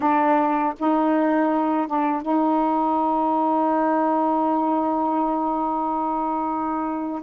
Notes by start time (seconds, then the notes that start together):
0.00 D4
0.78 D#4
1.87 D4
2.22 D#4